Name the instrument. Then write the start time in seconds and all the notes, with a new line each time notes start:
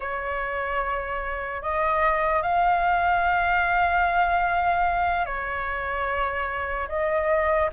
flute
0.00 C#5
1.62 D#5
2.42 F5
5.25 C#5
6.88 D#5